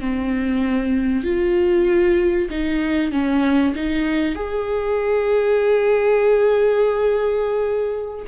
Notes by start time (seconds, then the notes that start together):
0.00 C4
1.24 F4
2.50 D#4
3.12 C#4
3.75 D#4
4.35 G#4